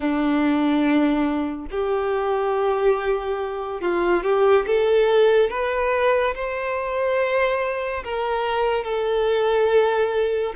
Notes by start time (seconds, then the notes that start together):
0.00 D4
1.71 G4
3.81 F4
4.23 G4
4.66 A4
5.49 B4
6.34 C5
8.04 A#4
8.83 A4